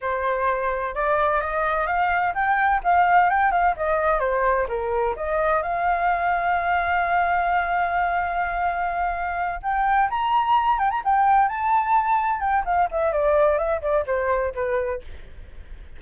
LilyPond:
\new Staff \with { instrumentName = "flute" } { \time 4/4 \tempo 4 = 128 c''2 d''4 dis''4 | f''4 g''4 f''4 g''8 f''8 | dis''4 c''4 ais'4 dis''4 | f''1~ |
f''1~ | f''8 g''4 ais''4. g''16 ais''16 g''8~ | g''8 a''2 g''8 f''8 e''8 | d''4 e''8 d''8 c''4 b'4 | }